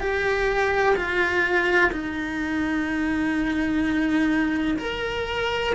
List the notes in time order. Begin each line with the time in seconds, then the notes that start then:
0.00 G4
0.96 F4
1.92 D#4
4.78 A#4